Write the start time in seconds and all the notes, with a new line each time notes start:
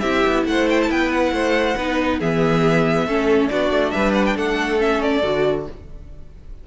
0.00 C4 E4 G4 E5
0.26 B3
0.46 A3 C5 F#5
0.70 G5
0.83 A5
0.89 B3 B4 G5
1.11 F#5
1.32 A3 C5
1.77 B3 D#4 B4
2.19 E3 B3 G#4 E5
3.06 A3 C#4 A4
3.48 B3 D4 F#4 D5
3.70 A3
3.91 G3 B4 E5
4.14 F#5
4.26 G5
4.36 A3 A4 F#5
4.79 C#4 E5
5.02 D5
5.23 D3 F#4